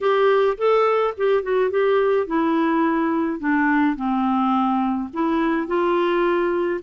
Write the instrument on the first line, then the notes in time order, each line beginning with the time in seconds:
clarinet
0.00 G4
0.57 A4
1.17 G4
1.42 F#4
1.70 G4
2.26 E4
3.39 D4
3.95 C4
5.13 E4
5.67 F4